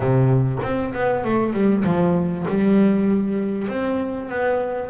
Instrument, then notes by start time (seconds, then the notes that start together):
double bass
0.00 C3
0.62 C4
0.94 B3
1.24 A3
1.53 G3
1.84 F3
2.47 G3
3.68 C4
4.29 B3